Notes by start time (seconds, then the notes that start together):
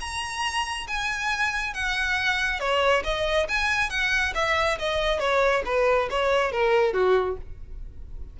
0.00 A#5
0.87 G#5
1.74 F#5
2.59 C#5
3.04 D#5
3.49 G#5
3.90 F#5
4.35 E5
4.78 D#5
5.19 C#5
5.65 B4
6.10 C#5
6.52 A#4
6.93 F#4